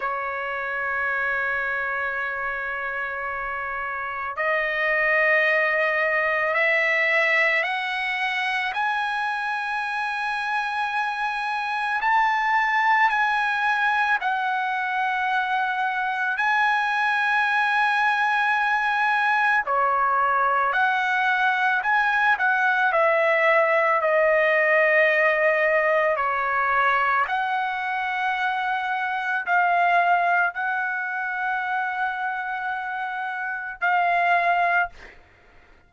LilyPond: \new Staff \with { instrumentName = "trumpet" } { \time 4/4 \tempo 4 = 55 cis''1 | dis''2 e''4 fis''4 | gis''2. a''4 | gis''4 fis''2 gis''4~ |
gis''2 cis''4 fis''4 | gis''8 fis''8 e''4 dis''2 | cis''4 fis''2 f''4 | fis''2. f''4 | }